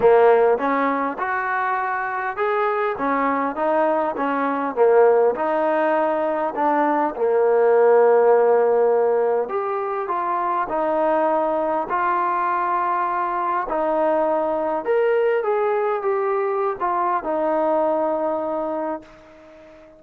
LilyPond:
\new Staff \with { instrumentName = "trombone" } { \time 4/4 \tempo 4 = 101 ais4 cis'4 fis'2 | gis'4 cis'4 dis'4 cis'4 | ais4 dis'2 d'4 | ais1 |
g'4 f'4 dis'2 | f'2. dis'4~ | dis'4 ais'4 gis'4 g'4~ | g'16 f'8. dis'2. | }